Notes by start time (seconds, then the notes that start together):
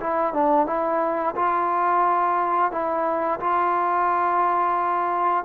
0.00 E4
0.34 D4
0.67 E4
1.36 F4
2.71 E4
3.40 F4